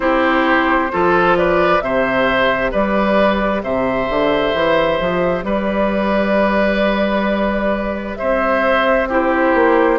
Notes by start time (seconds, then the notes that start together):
0.00 C4 E4 G4 C5
0.91 F3 F4 A4
1.37 B4 D5
1.79 C3 G4 C5 E5
2.71 G3 B4 D5
3.63 C3 C5 E5
4.09 D3
4.54 E3
5.00 F3
5.43 G3 B4 D5
8.15 C4 C5 E5
9.09 E4 G4 C5
9.54 A#3